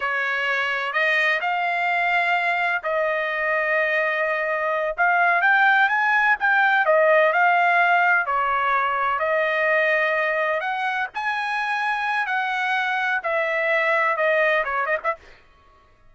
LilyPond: \new Staff \with { instrumentName = "trumpet" } { \time 4/4 \tempo 4 = 127 cis''2 dis''4 f''4~ | f''2 dis''2~ | dis''2~ dis''8 f''4 g''8~ | g''8 gis''4 g''4 dis''4 f''8~ |
f''4. cis''2 dis''8~ | dis''2~ dis''8 fis''4 gis''8~ | gis''2 fis''2 | e''2 dis''4 cis''8 dis''16 e''16 | }